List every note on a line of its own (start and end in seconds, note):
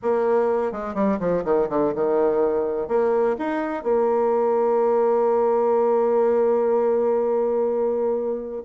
0.02 0.72 A#3
0.72 0.94 G#3
0.94 1.18 G3
1.19 1.43 F3
1.44 1.68 D#3
1.69 1.93 D3
1.94 2.88 D#3
2.88 3.36 A#3
3.38 3.83 D#4
3.83 8.63 A#3